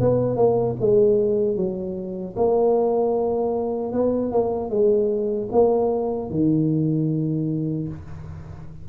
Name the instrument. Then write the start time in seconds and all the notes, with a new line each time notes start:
tuba
0.00 B3
0.36 A#3
0.80 G#3
1.56 F#3
2.36 A#3
3.93 B3
4.32 A#3
4.70 G#3
5.52 A#3
6.30 D#3